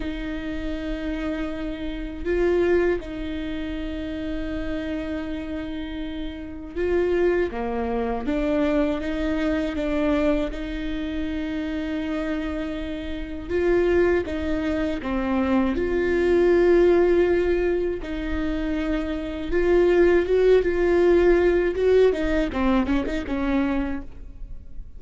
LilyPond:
\new Staff \with { instrumentName = "viola" } { \time 4/4 \tempo 4 = 80 dis'2. f'4 | dis'1~ | dis'4 f'4 ais4 d'4 | dis'4 d'4 dis'2~ |
dis'2 f'4 dis'4 | c'4 f'2. | dis'2 f'4 fis'8 f'8~ | f'4 fis'8 dis'8 c'8 cis'16 dis'16 cis'4 | }